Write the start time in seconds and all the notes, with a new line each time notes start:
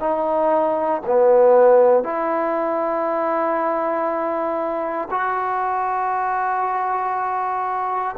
0.00 D#4
1.06 B3
2.03 E4
5.11 F#4